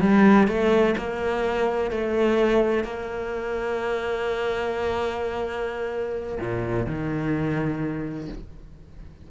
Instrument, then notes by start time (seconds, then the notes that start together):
cello
0.00 G3
0.47 A3
0.97 A#3
1.91 A3
2.84 A#3
6.40 A#2
6.86 D#3